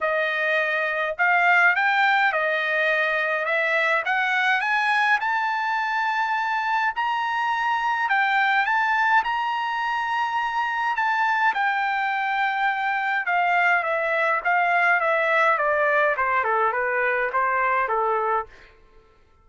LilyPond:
\new Staff \with { instrumentName = "trumpet" } { \time 4/4 \tempo 4 = 104 dis''2 f''4 g''4 | dis''2 e''4 fis''4 | gis''4 a''2. | ais''2 g''4 a''4 |
ais''2. a''4 | g''2. f''4 | e''4 f''4 e''4 d''4 | c''8 a'8 b'4 c''4 a'4 | }